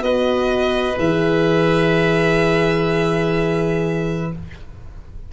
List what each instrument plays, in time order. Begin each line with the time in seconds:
0.00 tuba B3, horn F#4, oboe B4, violin D#5
0.98 tuba E3, horn G#4, violin E5